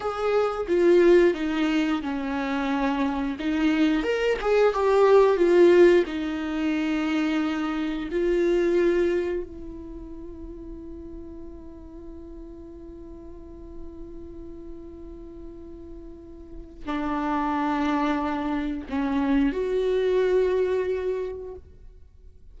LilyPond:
\new Staff \with { instrumentName = "viola" } { \time 4/4 \tempo 4 = 89 gis'4 f'4 dis'4 cis'4~ | cis'4 dis'4 ais'8 gis'8 g'4 | f'4 dis'2. | f'2 e'2~ |
e'1~ | e'1~ | e'4 d'2. | cis'4 fis'2. | }